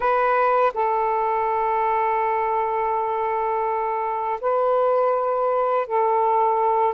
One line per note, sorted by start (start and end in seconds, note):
0.00 0.72 B4
0.74 4.39 A4
4.41 5.87 B4
5.87 6.94 A4